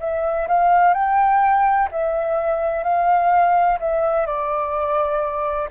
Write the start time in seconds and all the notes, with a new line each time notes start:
0.00 E5
0.48 F5
0.94 G5
1.91 E5
2.84 F5
3.80 E5
4.26 D5